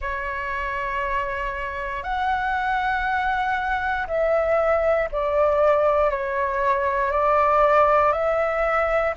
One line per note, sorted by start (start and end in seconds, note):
0.00 2.03 C#5
2.03 4.06 F#5
4.07 5.08 E5
5.11 6.10 D5
6.10 7.11 C#5
7.11 8.12 D5
8.12 9.13 E5